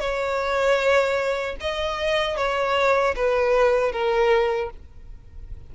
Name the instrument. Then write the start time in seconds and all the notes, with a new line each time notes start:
violin
0.00 C#5
1.60 D#5
2.37 C#5
3.15 B4
3.92 A#4